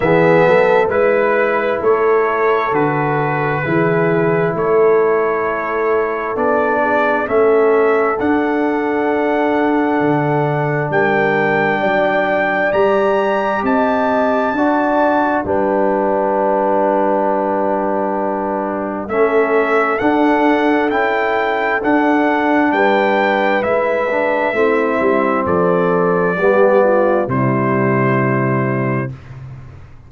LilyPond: <<
  \new Staff \with { instrumentName = "trumpet" } { \time 4/4 \tempo 4 = 66 e''4 b'4 cis''4 b'4~ | b'4 cis''2 d''4 | e''4 fis''2. | g''2 ais''4 a''4~ |
a''4 g''2.~ | g''4 e''4 fis''4 g''4 | fis''4 g''4 e''2 | d''2 c''2 | }
  \new Staff \with { instrumentName = "horn" } { \time 4/4 gis'8 a'8 b'4 a'2 | gis'4 a'2~ a'8 gis'8 | a'1 | ais'4 d''2 dis''4 |
d''4 b'2.~ | b'4 a'2.~ | a'4 b'2 e'4 | a'4 g'8 f'8 e'2 | }
  \new Staff \with { instrumentName = "trombone" } { \time 4/4 b4 e'2 fis'4 | e'2. d'4 | cis'4 d'2.~ | d'2 g'2 |
fis'4 d'2.~ | d'4 cis'4 d'4 e'4 | d'2 e'8 d'8 c'4~ | c'4 b4 g2 | }
  \new Staff \with { instrumentName = "tuba" } { \time 4/4 e8 fis8 gis4 a4 d4 | e4 a2 b4 | a4 d'2 d4 | g4 fis4 g4 c'4 |
d'4 g2.~ | g4 a4 d'4 cis'4 | d'4 g4 gis4 a8 g8 | f4 g4 c2 | }
>>